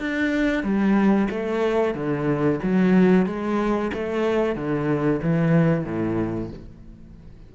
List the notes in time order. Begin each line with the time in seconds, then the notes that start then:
0.00 D4
0.63 G3
1.30 A3
1.94 D3
2.63 F#3
3.26 G#3
3.94 A3
4.56 D3
5.23 E3
5.85 A2